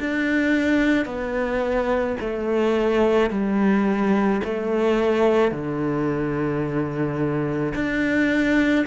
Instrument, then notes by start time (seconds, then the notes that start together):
cello
0.00 D4
1.06 B3
2.20 A3
3.30 G3
4.44 A3
5.52 D3
7.75 D4